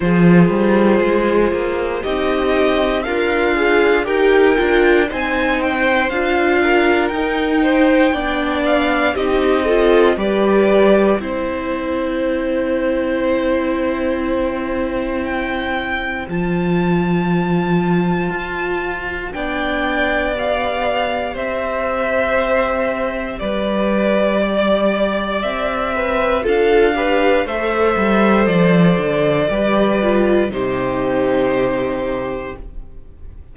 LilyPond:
<<
  \new Staff \with { instrumentName = "violin" } { \time 4/4 \tempo 4 = 59 c''2 dis''4 f''4 | g''4 gis''8 g''8 f''4 g''4~ | g''8 f''8 dis''4 d''4 c''4~ | c''2. g''4 |
a''2. g''4 | f''4 e''2 d''4~ | d''4 e''4 f''4 e''4 | d''2 c''2 | }
  \new Staff \with { instrumentName = "violin" } { \time 4/4 gis'2 g'4 f'4 | ais'4 c''4. ais'4 c''8 | d''4 g'8 a'8 b'4 c''4~ | c''1~ |
c''2. d''4~ | d''4 c''2 b'4 | d''4. b'8 a'8 b'8 c''4~ | c''4 b'4 g'2 | }
  \new Staff \with { instrumentName = "viola" } { \time 4/4 f'2 dis'4 ais'8 gis'8 | g'8 f'8 dis'4 f'4 dis'4 | d'4 dis'8 f'8 g'4 e'4~ | e'1 |
f'2. d'4 | g'1~ | g'2 f'8 g'8 a'4~ | a'4 g'8 f'8 dis'2 | }
  \new Staff \with { instrumentName = "cello" } { \time 4/4 f8 g8 gis8 ais8 c'4 d'4 | dis'8 d'8 c'4 d'4 dis'4 | b4 c'4 g4 c'4~ | c'1 |
f2 f'4 b4~ | b4 c'2 g4~ | g4 c'4 d'4 a8 g8 | f8 d8 g4 c2 | }
>>